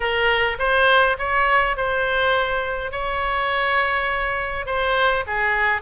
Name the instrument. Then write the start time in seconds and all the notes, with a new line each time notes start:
oboe
0.00 A#4
0.58 C5
1.18 C#5
1.77 C5
2.91 C#5
4.66 C5
5.26 G#4